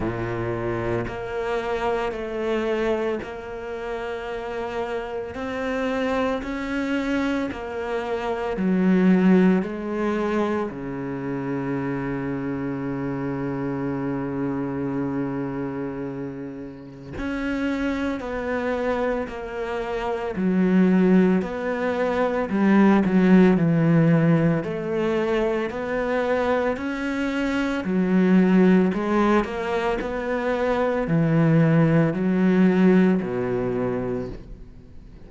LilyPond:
\new Staff \with { instrumentName = "cello" } { \time 4/4 \tempo 4 = 56 ais,4 ais4 a4 ais4~ | ais4 c'4 cis'4 ais4 | fis4 gis4 cis2~ | cis1 |
cis'4 b4 ais4 fis4 | b4 g8 fis8 e4 a4 | b4 cis'4 fis4 gis8 ais8 | b4 e4 fis4 b,4 | }